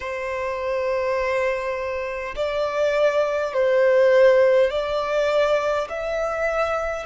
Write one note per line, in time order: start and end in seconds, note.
0.00 2.34 C5
2.35 3.53 D5
3.53 4.70 C5
4.70 5.88 D5
5.89 7.05 E5